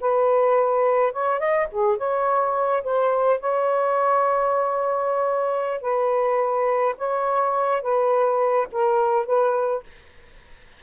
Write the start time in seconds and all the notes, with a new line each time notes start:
0.00 B4
1.12 C#5
1.39 D#5
1.71 G#4
1.97 C#5
2.83 C5
3.40 C#5
5.81 B4
6.97 C#5
7.82 B4
8.72 A#4
9.26 B4